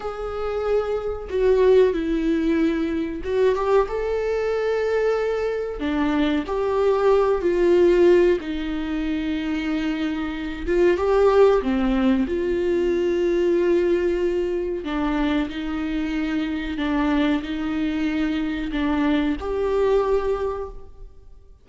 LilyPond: \new Staff \with { instrumentName = "viola" } { \time 4/4 \tempo 4 = 93 gis'2 fis'4 e'4~ | e'4 fis'8 g'8 a'2~ | a'4 d'4 g'4. f'8~ | f'4 dis'2.~ |
dis'8 f'8 g'4 c'4 f'4~ | f'2. d'4 | dis'2 d'4 dis'4~ | dis'4 d'4 g'2 | }